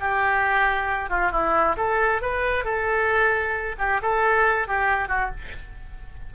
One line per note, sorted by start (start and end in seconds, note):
0.00 1.10 G4
1.10 1.32 F4
1.32 1.76 E4
1.77 2.22 A4
2.22 2.64 B4
2.64 3.76 A4
3.79 4.01 G4
4.02 4.68 A4
4.68 5.09 G4
5.09 5.31 F#4